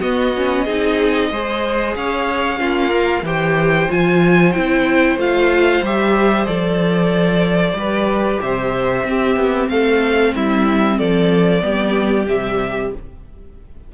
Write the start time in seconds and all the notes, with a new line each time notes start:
0.00 B3 F#4 D#5
0.36 C#4
0.65 C4 D#4 G#4
1.31 G#3 G#4 C5
1.96 C#4 C#5 F5
2.58 A#3 C#4 F4
2.90 A#4
3.23 E3 G4 C5 G5
3.89 F3 F4 G#5
4.53 C4 E4 G5
5.17 A3 F4 F5
5.83 G3 G4 E5
6.46 F3 A4 D5
7.74 G3 G4 B4
8.42 C3 C5 E5
9.04 C4 G4
9.37 B3
9.69 A3 A4 F5
10.36 G3 E4 E5
10.99 F3 A4 D5
11.61 G3 B3 G4
12.28 C3 G3 E5